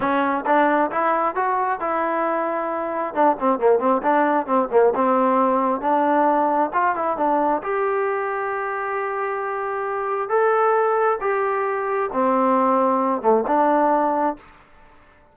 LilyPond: \new Staff \with { instrumentName = "trombone" } { \time 4/4 \tempo 4 = 134 cis'4 d'4 e'4 fis'4 | e'2. d'8 c'8 | ais8 c'8 d'4 c'8 ais8 c'4~ | c'4 d'2 f'8 e'8 |
d'4 g'2.~ | g'2. a'4~ | a'4 g'2 c'4~ | c'4. a8 d'2 | }